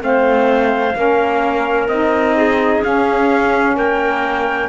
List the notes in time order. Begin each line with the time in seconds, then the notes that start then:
0.00 A3 C4 C5 F5
0.95 A#3 C#4 A#4
1.89 C4 D#4 D#5
2.37 G#4
2.83 C#4 F5
3.75 A#3 A#4 G5